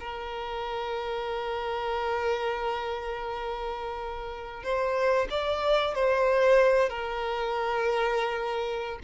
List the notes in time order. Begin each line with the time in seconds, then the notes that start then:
0.00 A#4
4.63 C5
5.30 D5
5.95 C5
6.89 A#4